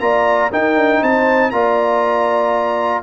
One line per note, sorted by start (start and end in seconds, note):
0.00 0.50 A#3
0.00 0.51 F4
0.00 0.51 D5
0.00 0.50 A#5
0.51 1.52 D#4
0.51 0.76 D#4
0.51 1.00 A#4
0.51 1.03 G5
0.76 1.01 D4
1.00 1.52 C4
1.00 1.50 C5
1.00 1.51 A5
1.51 3.03 A#3
1.51 3.03 F4
1.51 3.03 D5
1.51 3.02 A#5